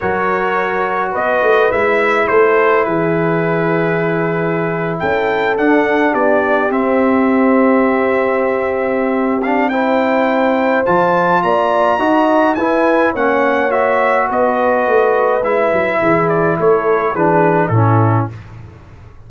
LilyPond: <<
  \new Staff \with { instrumentName = "trumpet" } { \time 4/4 \tempo 4 = 105 cis''2 dis''4 e''4 | c''4 b'2.~ | b'8. g''4 fis''4 d''4 e''16~ | e''1~ |
e''8 f''8 g''2 a''4 | ais''2 gis''4 fis''4 | e''4 dis''2 e''4~ | e''8 d''8 cis''4 b'4 a'4 | }
  \new Staff \with { instrumentName = "horn" } { \time 4/4 ais'2 b'2 | a'4 gis'2.~ | gis'8. a'2 g'4~ g'16~ | g'1~ |
g'4 c''2. | d''4 dis''4 b'4 cis''4~ | cis''4 b'2. | gis'4 a'4 gis'4 e'4 | }
  \new Staff \with { instrumentName = "trombone" } { \time 4/4 fis'2. e'4~ | e'1~ | e'4.~ e'16 d'2 c'16~ | c'1~ |
c'8 d'8 e'2 f'4~ | f'4 fis'4 e'4 cis'4 | fis'2. e'4~ | e'2 d'4 cis'4 | }
  \new Staff \with { instrumentName = "tuba" } { \time 4/4 fis2 b8 a8 gis4 | a4 e2.~ | e8. cis'4 d'4 b4 c'16~ | c'1~ |
c'2. f4 | ais4 dis'4 e'4 ais4~ | ais4 b4 a4 gis8 fis8 | e4 a4 e4 a,4 | }
>>